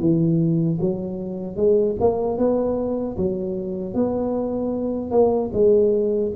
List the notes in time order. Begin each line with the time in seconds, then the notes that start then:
0.00 E3
0.81 F#3
1.56 G#3
2.00 A#3
2.38 B3
3.17 F#3
3.94 B3
5.11 A#3
5.53 G#3